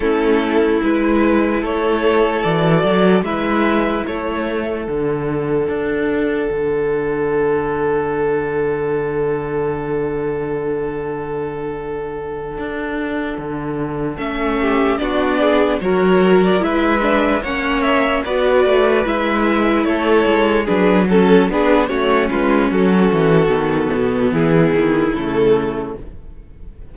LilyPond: <<
  \new Staff \with { instrumentName = "violin" } { \time 4/4 \tempo 4 = 74 a'4 b'4 cis''4 d''4 | e''4 cis''4 fis''2~ | fis''1~ | fis''1~ |
fis''4. e''4 d''4 cis''8~ | cis''16 d''16 e''4 fis''8 e''8 d''4 e''8~ | e''8 cis''4 b'8 a'8 b'8 cis''8 b'8 | a'2 gis'4 a'4 | }
  \new Staff \with { instrumentName = "violin" } { \time 4/4 e'2 a'2 | b'4 a'2.~ | a'1~ | a'1~ |
a'2 g'8 fis'8 gis'8 ais'8~ | ais'8 b'4 cis''4 b'4.~ | b'8 a'4 gis'8 a'8 gis'8 fis'8 f'8 | fis'2 e'2 | }
  \new Staff \with { instrumentName = "viola" } { \time 4/4 cis'4 e'2 fis'4 | e'2 d'2~ | d'1~ | d'1~ |
d'4. cis'4 d'4 fis'8~ | fis'8 e'8 d'8 cis'4 fis'4 e'8~ | e'4. d'8 cis'8 d'8 cis'4~ | cis'4 b2 a4 | }
  \new Staff \with { instrumentName = "cello" } { \time 4/4 a4 gis4 a4 e8 fis8 | gis4 a4 d4 d'4 | d1~ | d2.~ d8 d'8~ |
d'8 d4 a4 b4 fis8~ | fis8 gis4 ais4 b8 a8 gis8~ | gis8 a8 gis8 fis4 b8 a8 gis8 | fis8 e8 dis8 b,8 e8 dis8 cis4 | }
>>